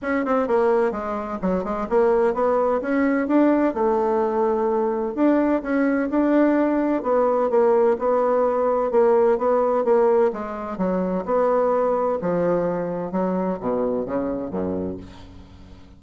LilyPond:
\new Staff \with { instrumentName = "bassoon" } { \time 4/4 \tempo 4 = 128 cis'8 c'8 ais4 gis4 fis8 gis8 | ais4 b4 cis'4 d'4 | a2. d'4 | cis'4 d'2 b4 |
ais4 b2 ais4 | b4 ais4 gis4 fis4 | b2 f2 | fis4 b,4 cis4 fis,4 | }